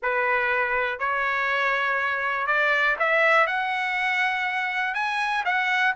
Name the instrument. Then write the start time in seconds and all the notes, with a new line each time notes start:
trumpet
0.02 B4
0.99 C#5
2.46 D5
2.99 E5
3.47 F#5
4.94 G#5
5.45 F#5